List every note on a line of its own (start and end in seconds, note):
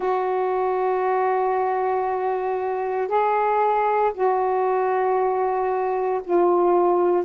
0.00 3.08 F#4
3.08 4.11 G#4
4.14 6.21 F#4
6.24 7.24 F4